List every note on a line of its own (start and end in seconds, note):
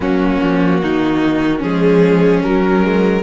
0.00 0.39 F#3
0.00 1.60 A#3
0.00 0.81 C#4
0.00 1.62 F#4
0.42 0.83 F3
0.82 1.62 D#3
0.82 1.58 D#4
1.58 2.44 F3
1.58 2.45 G#3
1.58 3.21 C#4
1.58 2.43 G#4
2.43 2.82 F#3
2.43 3.22 F#3
2.43 3.22 A#4
2.82 3.22 G#3